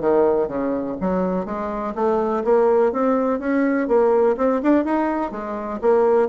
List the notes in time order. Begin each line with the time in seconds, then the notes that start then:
0.00 D#3
0.48 C#3
1.00 F#3
1.45 G#3
1.95 A3
2.44 A#3
2.92 C4
3.39 C#4
3.87 A#3
4.37 C4
4.62 D4
4.84 D#4
5.31 G#3
5.81 A#3